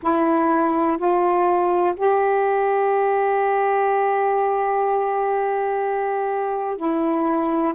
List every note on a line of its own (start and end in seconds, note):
0.02 0.97 E4
0.97 1.94 F4
1.96 6.77 G4
6.77 7.73 E4